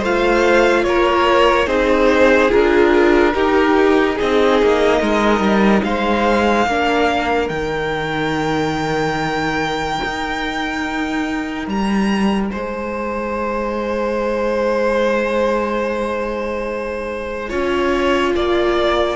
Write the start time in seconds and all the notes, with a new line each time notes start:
0.00 A3 F4 C5 F5
0.84 A#3 A#4 C#5
1.67 C4 D#4 G#4 C5
2.50 D4 F4 A#4
3.35 D#4 G4
4.16 G#4 D#5
4.22 C4
4.62 A#3
5.00 G#3 A#4
5.40 G3
5.84 G#3 C5 F5
6.67 A#3 D4 A#4
7.49 D#3 D#4 G5
10.04 D#4
11.68 G3 A#5
12.51 G#3 C5 G#5
17.50 C#4 F4 C#5
18.36 A#3 D5